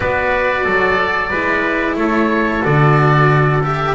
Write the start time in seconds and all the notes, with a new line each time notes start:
0.00 B3 F#4 B4 D5
0.64 F#3 A4
1.30 G#3 E4 B4
1.95 A3 A4 C#5
2.63 D3 F#4 D5
3.62 G4 E5